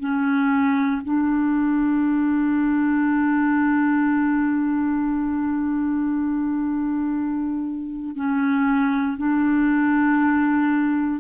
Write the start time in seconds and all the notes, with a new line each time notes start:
0.00 C#4
1.04 D4
8.16 C#4
9.18 D4